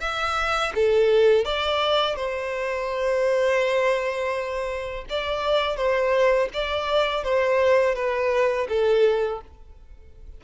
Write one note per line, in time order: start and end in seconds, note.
0.00 0.72 E5
0.75 1.45 A4
1.45 2.16 D5
2.16 5.05 C5
5.09 5.76 D5
5.76 6.49 C5
6.53 7.24 D5
7.24 7.95 C5
7.95 8.67 B4
8.68 9.41 A4